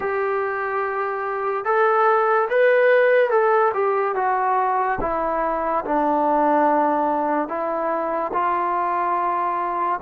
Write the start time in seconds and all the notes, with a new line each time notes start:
0.00 G4
1.64 A4
2.49 B4
3.30 A4
3.73 G4
4.15 F#4
5.00 E4
5.84 D4
7.48 E4
8.33 F4